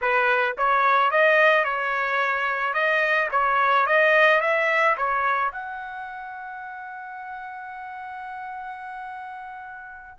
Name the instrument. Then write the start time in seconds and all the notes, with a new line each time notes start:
trumpet
0.01 B4
0.57 C#5
1.10 D#5
1.64 C#5
2.73 D#5
3.31 C#5
3.86 D#5
4.41 E5
4.97 C#5
5.51 F#5